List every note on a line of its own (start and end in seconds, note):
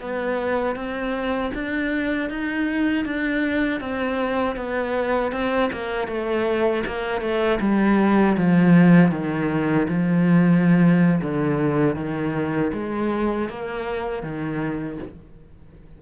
0.00 0.75 B3
0.75 1.51 C4
1.54 2.29 D4
2.29 3.04 D#4
3.04 3.80 D4
3.80 4.56 C4
4.56 5.32 B3
5.32 5.70 C4
5.72 6.07 A#3
6.07 6.83 A3
6.86 7.21 A#3
7.21 7.59 A3
7.60 8.36 G3
8.37 9.11 F3
9.11 9.87 D#3
9.88 11.21 F3
11.22 11.95 D3
11.95 12.71 D#3
12.72 13.48 G#3
13.49 14.22 A#3
14.22 14.98 D#3